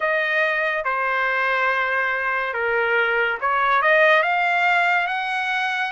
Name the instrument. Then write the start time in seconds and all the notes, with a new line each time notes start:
trumpet
0.00 D#5
0.84 C5
2.53 A#4
3.40 C#5
3.82 D#5
4.23 F5
5.07 F#5